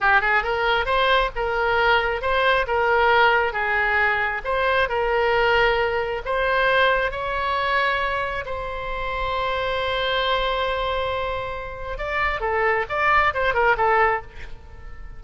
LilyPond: \new Staff \with { instrumentName = "oboe" } { \time 4/4 \tempo 4 = 135 g'8 gis'8 ais'4 c''4 ais'4~ | ais'4 c''4 ais'2 | gis'2 c''4 ais'4~ | ais'2 c''2 |
cis''2. c''4~ | c''1~ | c''2. d''4 | a'4 d''4 c''8 ais'8 a'4 | }